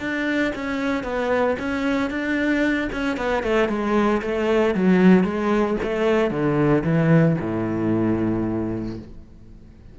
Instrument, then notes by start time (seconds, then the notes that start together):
cello
0.00 D4
0.55 C#4
1.04 B3
1.59 C#4
2.10 D4
2.93 C#4
3.17 B3
3.43 A3
3.69 G#3
4.22 A3
4.75 F#3
5.24 G#3
5.83 A3
6.31 D3
6.84 E3
7.41 A2